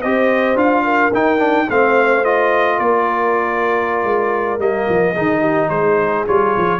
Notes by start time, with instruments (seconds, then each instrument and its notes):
0.00 tuba C4, trombone G4, horn C5, trumpet D#5
0.55 tuba D4, trombone F4, trumpet F5
0.84 horn A#4
1.13 trombone D#4, tuba D#4, trumpet G5
1.38 trombone D4
1.68 tuba A3, trombone C4, horn C5, trumpet F5
2.24 trombone F4, trumpet D#5
2.78 tuba A#3, horn A#4, trumpet D5
4.04 tuba G#3
4.59 tuba G3, trombone A#3, trumpet D#5
4.89 tuba F3
5.13 tuba D#3, trombone D#4, horn G#4
5.41 horn G4
5.69 tuba G#3, horn G#4, trumpet C5
6.27 tuba G3, trombone F4, trumpet C#5
6.57 tuba F3